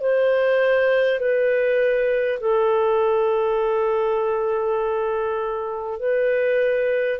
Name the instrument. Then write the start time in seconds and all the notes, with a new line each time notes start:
clarinet
0.00 C5
1.19 B4
2.39 A4
5.99 B4